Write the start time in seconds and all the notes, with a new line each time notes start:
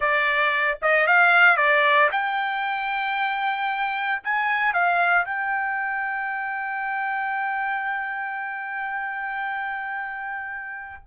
0.00 D5
0.82 D#5
1.06 F5
1.56 D5
2.11 G5
4.23 G#5
4.73 F5
5.25 G5